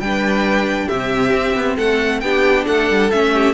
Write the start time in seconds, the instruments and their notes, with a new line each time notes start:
0.00 cello G3, viola D4, violin B4 G5
0.87 cello C3, viola C4, violin G4 E5
1.33 cello C4
1.55 cello B3
1.76 cello A3, violin A4 F#5
2.21 cello B3, viola D4, violin G4 G5
2.66 cello A3, violin A4 F#5
2.91 cello G3
3.11 cello A3, viola C#4, violin E5
3.34 violin G4